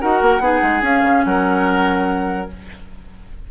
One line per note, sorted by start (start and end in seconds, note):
0.00 0.21 D#4
0.00 0.40 F#4
0.00 0.42 A#4
0.00 0.83 F#5
0.21 0.39 A#3
0.39 0.60 B3
0.39 0.82 D#4
0.39 1.25 G#4
0.62 0.82 G#3
0.82 2.47 C#4
0.82 1.02 C#4
0.82 1.24 F5
1.02 1.23 C#3
1.24 2.49 F#3
1.24 2.51 A#4
1.24 2.49 F#5